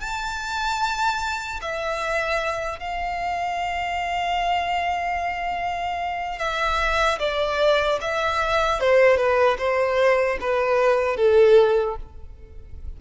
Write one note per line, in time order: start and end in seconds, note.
0.00 1.60 A5
1.61 2.79 E5
2.79 6.39 F5
6.39 7.19 E5
7.19 7.99 D5
8.01 8.80 E5
8.80 9.17 C5
9.17 9.57 B4
9.58 10.38 C5
10.41 11.16 B4
11.16 11.96 A4